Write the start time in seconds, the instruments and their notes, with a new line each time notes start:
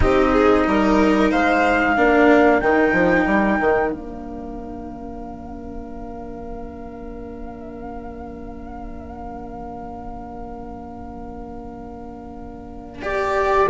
0.00 bassoon C4, cello D#4, violin G4, flute D#5
0.32 violin G#4
0.66 bassoon G3, violin A#4
1.30 bassoon G#3, violin C5, flute F5
1.95 bassoon A#3, cello D4, violin A#4
2.60 bassoon D#3, cello D#4, flute G5
2.92 bassoon F3
3.25 bassoon G3
3.60 bassoon D#3
3.90 bassoon A#3, cello D4, flute F5
13.02 cello G4, flute D5